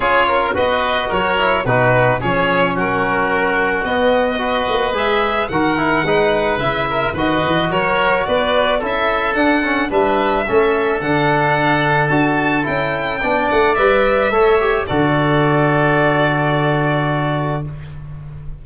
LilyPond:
<<
  \new Staff \with { instrumentName = "violin" } { \time 4/4 \tempo 4 = 109 cis''4 dis''4 cis''4 b'4 | cis''4 ais'2 dis''4~ | dis''4 e''4 fis''2 | e''4 dis''4 cis''4 d''4 |
e''4 fis''4 e''2 | fis''2 a''4 g''4~ | g''8 fis''8 e''2 d''4~ | d''1 | }
  \new Staff \with { instrumentName = "oboe" } { \time 4/4 gis'8 ais'8 b'4 ais'4 fis'4 | gis'4 fis'2. | b'2 ais'4 b'4~ | b'8 ais'8 b'4 ais'4 b'4 |
a'2 b'4 a'4~ | a'1 | d''2 cis''4 a'4~ | a'1 | }
  \new Staff \with { instrumentName = "trombone" } { \time 4/4 f'4 fis'4. e'8 dis'4 | cis'2. b4 | fis'4 gis'4 fis'8 e'8 dis'4 | e'4 fis'2. |
e'4 d'8 cis'8 d'4 cis'4 | d'2 fis'4 e'4 | d'4 b'4 a'8 g'8 fis'4~ | fis'1 | }
  \new Staff \with { instrumentName = "tuba" } { \time 4/4 cis'4 b4 fis4 b,4 | f4 fis2 b4~ | b8 ais8 gis4 dis4 gis4 | cis4 dis8 e8 fis4 b4 |
cis'4 d'4 g4 a4 | d2 d'4 cis'4 | b8 a8 g4 a4 d4~ | d1 | }
>>